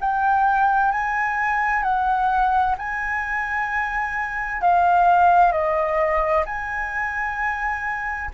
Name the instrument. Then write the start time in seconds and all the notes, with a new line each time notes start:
flute
0.00 G5
0.91 G#5
1.83 F#5
2.78 G#5
4.61 F5
5.52 D#5
6.45 G#5